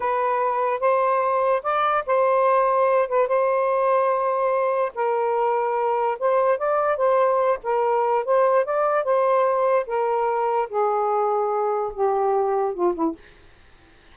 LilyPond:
\new Staff \with { instrumentName = "saxophone" } { \time 4/4 \tempo 4 = 146 b'2 c''2 | d''4 c''2~ c''8 b'8 | c''1 | ais'2. c''4 |
d''4 c''4. ais'4. | c''4 d''4 c''2 | ais'2 gis'2~ | gis'4 g'2 f'8 e'8 | }